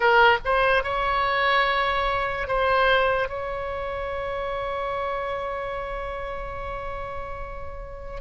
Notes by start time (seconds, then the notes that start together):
0.00 A#4
0.44 C5
0.83 C#5
2.47 C5
3.28 C#5